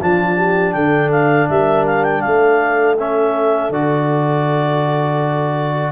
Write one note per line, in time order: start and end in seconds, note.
0.00 0.74 F3
0.00 2.97 D4
0.00 0.36 F4
0.00 0.72 A5
0.36 0.73 G4
0.72 1.48 D3
0.72 1.49 A4
0.72 1.09 G5
1.11 1.48 F5
1.48 2.23 G3
1.48 2.23 A#4
1.48 1.85 E5
1.86 2.03 F5
2.03 2.21 G5
2.21 3.69 A3
2.21 5.92 A4
2.21 2.95 F5
2.98 3.72 C#4
2.98 3.71 E5
3.69 5.92 D3
3.69 5.92 F#4
3.69 5.92 D5